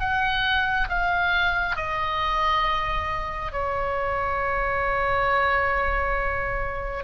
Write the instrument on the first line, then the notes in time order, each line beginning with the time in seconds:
oboe
0.00 F#5
0.89 F5
1.76 D#5
3.53 C#5